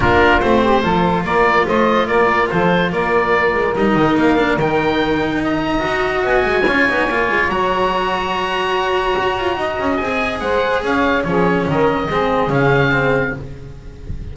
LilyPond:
<<
  \new Staff \with { instrumentName = "oboe" } { \time 4/4 \tempo 4 = 144 ais'4 c''2 d''4 | dis''4 d''4 c''4 d''4~ | d''4 dis''4 f''4 g''4~ | g''4 ais''2 gis''4~ |
gis''2 ais''2~ | ais''1 | gis''4 fis''4 f''4 cis''4 | dis''2 f''2 | }
  \new Staff \with { instrumentName = "saxophone" } { \time 4/4 f'4. g'8 a'4 ais'4 | c''4 ais'4 a'4 ais'4~ | ais'1~ | ais'4 dis''2. |
cis''1~ | cis''2. dis''4~ | dis''4 c''4 cis''4 gis'4 | ais'4 gis'2. | }
  \new Staff \with { instrumentName = "cello" } { \time 4/4 d'4 c'4 f'2~ | f'1~ | f'4 dis'4. d'8 dis'4~ | dis'2 fis'2 |
f'8 dis'8 f'4 fis'2~ | fis'1 | gis'2. cis'4~ | cis'4 c'4 cis'4 c'4 | }
  \new Staff \with { instrumentName = "double bass" } { \time 4/4 ais4 a4 f4 ais4 | a4 ais4 f4 ais4~ | ais8 gis8 g8 dis8 ais4 dis4~ | dis2 dis'4 b8 gis8 |
cis'8 b8 ais8 gis8 fis2~ | fis2 fis'8 f'8 dis'8 cis'8 | c'4 gis4 cis'4 f4 | dis4 gis4 cis2 | }
>>